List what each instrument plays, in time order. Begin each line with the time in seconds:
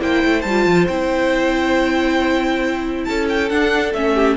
0.00 cello A#3, viola E4, violin C5 G5
0.24 cello A3
0.42 cello G3, violin A5
0.50 viola F4
0.66 cello F3
0.88 cello C4, viola E4, violin G5
3.05 cello C#4, violin A4 A5
3.30 violin G5
3.49 cello D4, viola D4, violin F#5
3.94 cello A3, viola C#4, violin E5
4.14 violin G4